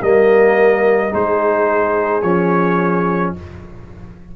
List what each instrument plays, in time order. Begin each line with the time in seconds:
0.00 tuba G3, trombone A#3, horn A#4, trumpet D#5
1.11 tuba G#3, trombone D#4, horn G#4, trumpet C5
2.22 tuba F3, trombone C#4, trumpet C#5